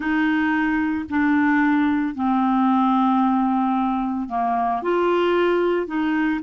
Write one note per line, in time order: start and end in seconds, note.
0.00 1.05 D#4
1.10 2.14 D4
2.14 4.29 C4
4.29 4.82 A#3
4.82 5.86 F4
5.86 6.40 D#4